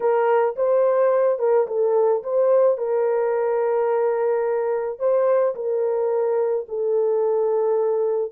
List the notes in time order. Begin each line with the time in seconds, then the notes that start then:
0.00 A#4
0.56 C5
1.38 A#4
1.67 A4
2.23 C5
2.77 A#4
4.99 C5
5.55 A#4
6.68 A4